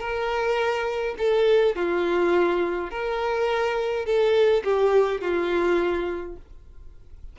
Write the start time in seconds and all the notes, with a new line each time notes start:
0.00 A#4
1.18 A4
1.75 F4
2.90 A#4
4.05 A4
4.64 G4
5.21 F4